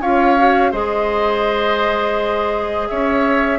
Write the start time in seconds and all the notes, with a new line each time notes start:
0.00 C#4 F4 C#5 F5
0.38 F#4
0.71 G#3 G#4 C5 D#5
2.88 C#4 C#5 E5